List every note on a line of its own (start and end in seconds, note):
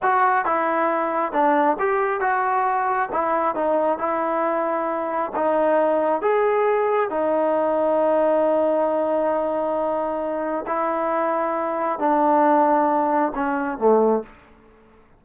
0.02 0.45 F#4
0.45 1.32 E4
1.32 1.77 D4
1.79 2.20 G4
2.20 3.09 F#4
3.12 3.55 E4
3.55 3.98 D#4
3.98 5.31 E4
5.35 6.21 D#4
6.21 7.09 G#4
7.09 10.65 D#4
10.66 11.99 E4
11.99 13.32 D4
13.34 13.78 C#4
13.78 14.22 A3